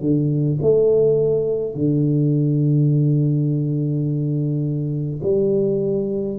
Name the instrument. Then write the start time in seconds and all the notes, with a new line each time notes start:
tuba
0.00 D3
0.61 A3
1.75 D3
5.23 G3